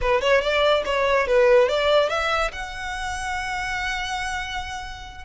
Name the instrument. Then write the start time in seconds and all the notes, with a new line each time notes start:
violin
0.01 B4
0.21 C#5
0.41 D5
0.85 C#5
1.27 B4
1.68 D5
2.09 E5
2.52 F#5